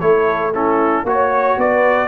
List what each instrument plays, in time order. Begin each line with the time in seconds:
0.00 tuba A3, trombone E4, horn A4, trumpet C#5
0.54 trombone C#4, horn E4, trumpet A4
1.04 tuba A#3, trombone F#4, horn C#5, trumpet C#5
1.58 tuba B3, horn B4, trumpet D5